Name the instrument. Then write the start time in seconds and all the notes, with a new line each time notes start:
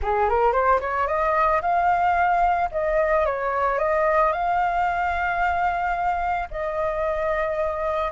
flute
0.02 G#4
0.29 A#4
0.52 C5
0.80 C#5
1.07 D#5
1.61 F5
2.71 D#5
3.25 C#5
3.78 D#5
4.32 F5
6.50 D#5